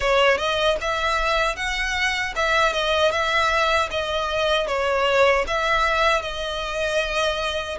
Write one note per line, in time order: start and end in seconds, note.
0.00 0.37 C#5
0.37 0.76 D#5
0.80 1.55 E5
1.55 2.33 F#5
2.35 2.72 E5
2.72 3.11 D#5
3.11 3.89 E5
3.91 4.67 D#5
4.67 5.45 C#5
5.47 6.22 E5
6.22 7.77 D#5